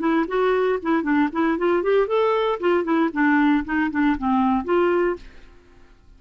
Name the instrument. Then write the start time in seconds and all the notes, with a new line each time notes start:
clarinet
0.00 E4
0.28 F#4
0.83 E4
1.03 D4
1.33 E4
1.58 F4
1.83 G4
2.08 A4
2.61 F4
2.84 E4
3.13 D4
3.65 D#4
3.91 D4
4.18 C4
4.65 F4